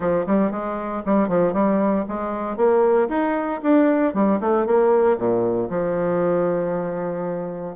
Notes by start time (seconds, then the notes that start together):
0.00 F3
0.26 G3
0.51 G#3
1.05 G3
1.28 F3
1.53 G3
2.08 G#3
2.56 A#3
3.08 D#4
3.62 D4
4.14 G3
4.40 A3
4.66 A#3
5.17 A#2
5.69 F3